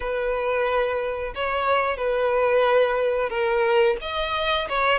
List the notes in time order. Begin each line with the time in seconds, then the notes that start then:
0.00 B4
1.35 C#5
1.97 B4
3.29 A#4
4.01 D#5
4.68 C#5